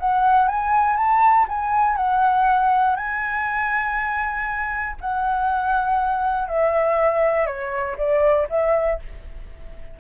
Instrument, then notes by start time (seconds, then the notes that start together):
flute
0.00 F#5
0.48 G#5
0.97 A5
1.49 G#5
1.97 F#5
2.97 G#5
5.01 F#5
6.48 E5
7.47 C#5
7.98 D5
8.50 E5